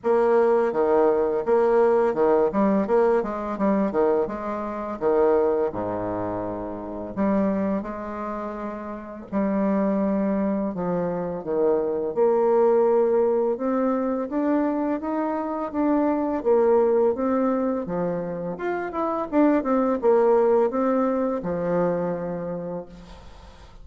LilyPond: \new Staff \with { instrumentName = "bassoon" } { \time 4/4 \tempo 4 = 84 ais4 dis4 ais4 dis8 g8 | ais8 gis8 g8 dis8 gis4 dis4 | gis,2 g4 gis4~ | gis4 g2 f4 |
dis4 ais2 c'4 | d'4 dis'4 d'4 ais4 | c'4 f4 f'8 e'8 d'8 c'8 | ais4 c'4 f2 | }